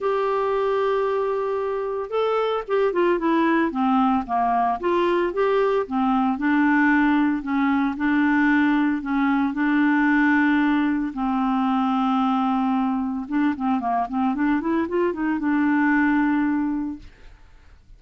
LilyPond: \new Staff \with { instrumentName = "clarinet" } { \time 4/4 \tempo 4 = 113 g'1 | a'4 g'8 f'8 e'4 c'4 | ais4 f'4 g'4 c'4 | d'2 cis'4 d'4~ |
d'4 cis'4 d'2~ | d'4 c'2.~ | c'4 d'8 c'8 ais8 c'8 d'8 e'8 | f'8 dis'8 d'2. | }